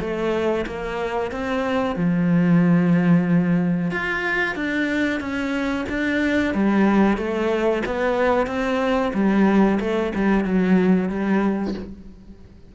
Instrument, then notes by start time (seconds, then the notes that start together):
cello
0.00 A3
0.66 A#3
1.31 C4
1.96 F3
3.91 F4
4.55 D4
5.20 C#4
5.89 D4
6.54 G3
7.17 A3
7.86 B3
8.46 C4
9.14 G3
9.80 A3
10.15 G3
10.45 F#3
11.09 G3